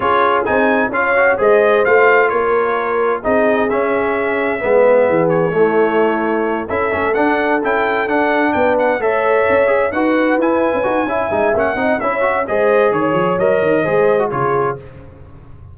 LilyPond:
<<
  \new Staff \with { instrumentName = "trumpet" } { \time 4/4 \tempo 4 = 130 cis''4 gis''4 f''4 dis''4 | f''4 cis''2 dis''4 | e''2.~ e''8 cis''8~ | cis''2~ cis''8 e''4 fis''8~ |
fis''8 g''4 fis''4 g''8 fis''8 e''8~ | e''4. fis''4 gis''4.~ | gis''4 fis''4 e''4 dis''4 | cis''4 dis''2 cis''4 | }
  \new Staff \with { instrumentName = "horn" } { \time 4/4 gis'2 cis''4 c''4~ | c''4 ais'2 gis'4~ | gis'2 b'4 gis'4 | e'2~ e'8 a'4.~ |
a'2~ a'8 b'4 cis''8~ | cis''4. b'2~ b'8 | e''4. dis''8 cis''4 c''4 | cis''2 c''4 gis'4 | }
  \new Staff \with { instrumentName = "trombone" } { \time 4/4 f'4 dis'4 f'8 fis'8 gis'4 | f'2. dis'4 | cis'2 b2 | a2~ a8 e'8 cis'8 d'8~ |
d'8 e'4 d'2 a'8~ | a'4 gis'8 fis'4 e'4 fis'8 | e'8 dis'8 cis'8 dis'8 e'8 fis'8 gis'4~ | gis'4 ais'4 gis'8. fis'16 f'4 | }
  \new Staff \with { instrumentName = "tuba" } { \time 4/4 cis'4 c'4 cis'4 gis4 | a4 ais2 c'4 | cis'2 gis4 e4 | a2~ a8 cis'8 a8 d'8~ |
d'8 cis'4 d'4 b4 a8~ | a8 cis'4 dis'4 e'8. cis'16 dis'8 | cis'8 gis8 ais8 c'8 cis'4 gis4 | dis8 f8 fis8 dis8 gis4 cis4 | }
>>